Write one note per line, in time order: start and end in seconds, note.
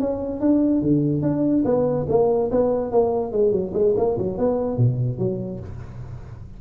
0.00 0.40 C#4
0.40 0.82 D4
0.82 1.22 D3
1.22 1.64 D4
1.65 2.06 B3
2.09 2.50 A#3
2.51 2.91 B3
2.91 3.32 A#3
3.32 3.52 G#3
3.52 3.73 F#3
3.74 3.95 G#3
3.97 4.17 A#3
4.18 4.38 F#3
4.38 4.77 B3
4.77 5.18 B2
5.18 5.60 F#3